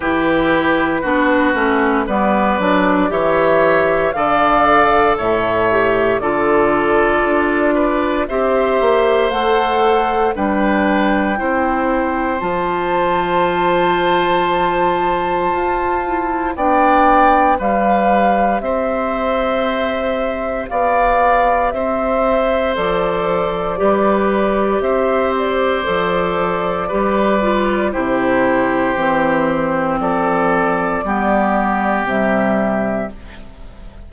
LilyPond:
<<
  \new Staff \with { instrumentName = "flute" } { \time 4/4 \tempo 4 = 58 b'2 d''4 e''4 | f''4 e''4 d''2 | e''4 fis''4 g''2 | a''1 |
g''4 f''4 e''2 | f''4 e''4 d''2 | e''8 d''2~ d''8 c''4~ | c''4 d''2 e''4 | }
  \new Staff \with { instrumentName = "oboe" } { \time 4/4 g'4 fis'4 b'4 cis''4 | d''4 cis''4 a'4. b'8 | c''2 b'4 c''4~ | c''1 |
d''4 b'4 c''2 | d''4 c''2 b'4 | c''2 b'4 g'4~ | g'4 a'4 g'2 | }
  \new Staff \with { instrumentName = "clarinet" } { \time 4/4 e'4 d'8 cis'8 b8 d'8 g'4 | a'4. g'8 f'2 | g'4 a'4 d'4 e'4 | f'2.~ f'8 e'8 |
d'4 g'2.~ | g'2 a'4 g'4~ | g'4 a'4 g'8 f'8 e'4 | c'2 b4 g4 | }
  \new Staff \with { instrumentName = "bassoon" } { \time 4/4 e4 b8 a8 g8 fis8 e4 | d4 a,4 d4 d'4 | c'8 ais8 a4 g4 c'4 | f2. f'4 |
b4 g4 c'2 | b4 c'4 f4 g4 | c'4 f4 g4 c4 | e4 f4 g4 c4 | }
>>